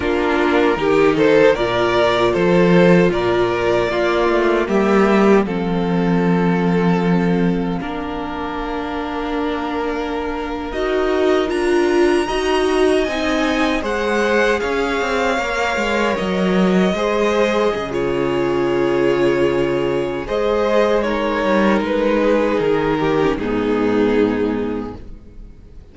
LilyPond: <<
  \new Staff \with { instrumentName = "violin" } { \time 4/4 \tempo 4 = 77 ais'4. c''8 d''4 c''4 | d''2 e''4 f''4~ | f''1~ | f''4.~ f''16 dis''4 ais''4~ ais''16~ |
ais''8. gis''4 fis''4 f''4~ f''16~ | f''8. dis''2~ dis''16 cis''4~ | cis''2 dis''4 cis''4 | b'4 ais'4 gis'2 | }
  \new Staff \with { instrumentName = "violin" } { \time 4/4 f'4 g'8 a'8 ais'4 a'4 | ais'4 f'4 g'4 a'4~ | a'2 ais'2~ | ais'2.~ ais'8. dis''16~ |
dis''4.~ dis''16 c''4 cis''4~ cis''16~ | cis''4.~ cis''16 c''4 gis'4~ gis'16~ | gis'2 c''4 ais'4~ | ais'8 gis'4 g'8 dis'2 | }
  \new Staff \with { instrumentName = "viola" } { \time 4/4 d'4 dis'4 f'2~ | f'4 ais2 c'4~ | c'2 d'2~ | d'4.~ d'16 fis'4 f'4 fis'16~ |
fis'8. dis'4 gis'2 ais'16~ | ais'4.~ ais'16 gis'4~ gis'16 f'4~ | f'2 gis'4 dis'4~ | dis'4.~ dis'16 cis'16 b2 | }
  \new Staff \with { instrumentName = "cello" } { \time 4/4 ais4 dis4 ais,4 f4 | ais,4 ais8 a8 g4 f4~ | f2 ais2~ | ais4.~ ais16 dis'4 d'4 dis'16~ |
dis'8. c'4 gis4 cis'8 c'8 ais16~ | ais16 gis8 fis4 gis4 cis4~ cis16~ | cis2 gis4. g8 | gis4 dis4 gis,2 | }
>>